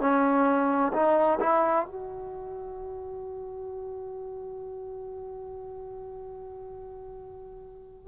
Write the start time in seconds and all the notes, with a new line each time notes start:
0.00 C#4
0.93 D#4
1.40 E4
1.86 F#4